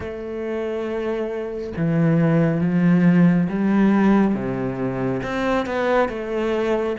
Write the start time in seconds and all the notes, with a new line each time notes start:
0.00 A3
1.76 E3
2.60 F3
3.49 G3
4.34 C3
5.23 C4
5.66 B3
6.09 A3